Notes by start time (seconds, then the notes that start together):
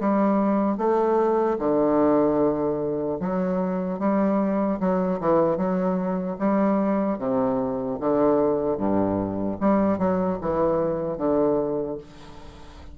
0.00 G3
0.78 A3
1.59 D3
3.20 F#3
3.99 G3
4.80 F#3
5.21 E3
5.57 F#3
6.39 G3
7.19 C3
8.00 D3
8.77 G2
9.61 G3
9.99 F#3
10.41 E3
11.18 D3